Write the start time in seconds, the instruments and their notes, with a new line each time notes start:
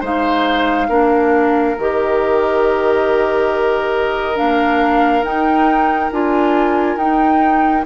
0.00 bassoon G#3, clarinet D#4, oboe C5, flute F5
0.88 bassoon A#3, clarinet D4, oboe A#4
1.77 bassoon D#3, clarinet G4, flute D#5
4.35 bassoon A#3, clarinet D4, flute F5
5.22 bassoon D#4, clarinet D#4, flute G5
6.11 bassoon D4, clarinet F4, flute G#5
6.96 bassoon D#4, clarinet D#4, flute G5